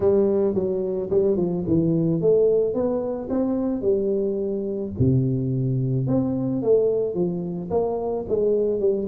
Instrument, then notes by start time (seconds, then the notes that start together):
tuba
0.00 G3
0.54 F#3
1.10 G3
1.36 F3
1.67 E3
2.21 A3
2.73 B3
3.29 C4
3.81 G3
4.98 C3
6.07 C4
6.62 A3
7.14 F3
7.70 A#3
8.28 G#3
8.80 G3